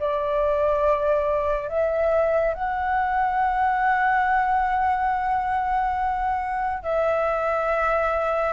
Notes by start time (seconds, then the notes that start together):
0.00 D5
1.69 E5
2.54 F#5
6.83 E5